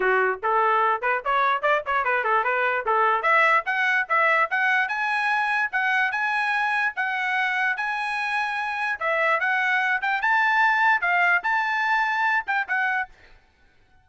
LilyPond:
\new Staff \with { instrumentName = "trumpet" } { \time 4/4 \tempo 4 = 147 fis'4 a'4. b'8 cis''4 | d''8 cis''8 b'8 a'8 b'4 a'4 | e''4 fis''4 e''4 fis''4 | gis''2 fis''4 gis''4~ |
gis''4 fis''2 gis''4~ | gis''2 e''4 fis''4~ | fis''8 g''8 a''2 f''4 | a''2~ a''8 g''8 fis''4 | }